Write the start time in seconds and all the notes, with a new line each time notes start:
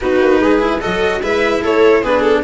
0.00 B3 D#4 F#4 B4
0.21 A#3
0.39 G#3 G#4
0.59 E4
0.80 F#3 F#4 A4 D#5
1.21 G#3 E4 B4 E5
1.61 A3 A4 C#5
2.02 B3 D4 G#4 B4
2.21 A4